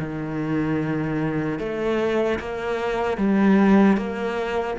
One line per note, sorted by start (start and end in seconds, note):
0.00 1.59 D#3
1.59 2.39 A3
2.40 3.18 A#3
3.18 3.97 G3
3.97 4.77 A#3